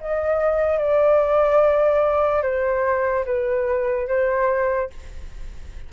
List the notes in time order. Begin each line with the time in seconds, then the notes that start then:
0.00 D#5
0.78 D5
2.42 C5
3.25 B4
4.07 C5